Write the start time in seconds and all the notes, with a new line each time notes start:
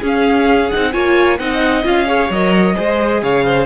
0.00 C#4 G#4
0.06 F5
0.70 C4 D#4 F#5
0.92 A#3 F4 C#5 G#5
1.39 C4 D#4 D#5 F#5
1.84 C#4 F4 F5
2.06 G#4 C#5
2.30 F#3 A#4 D#5
2.75 G#3 G#4 C5
3.22 C#3 C#5 F5
3.45 C5